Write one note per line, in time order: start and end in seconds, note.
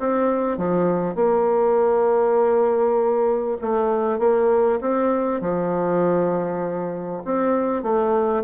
0.00 0.58 C4
0.58 1.15 F3
1.15 3.58 A#3
3.62 4.19 A3
4.19 4.80 A#3
4.81 5.41 C4
5.41 7.23 F3
7.25 7.83 C4
7.83 8.44 A3